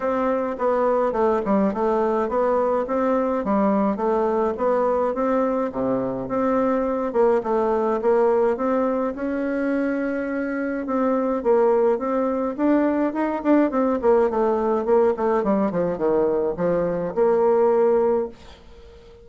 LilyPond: \new Staff \with { instrumentName = "bassoon" } { \time 4/4 \tempo 4 = 105 c'4 b4 a8 g8 a4 | b4 c'4 g4 a4 | b4 c'4 c4 c'4~ | c'8 ais8 a4 ais4 c'4 |
cis'2. c'4 | ais4 c'4 d'4 dis'8 d'8 | c'8 ais8 a4 ais8 a8 g8 f8 | dis4 f4 ais2 | }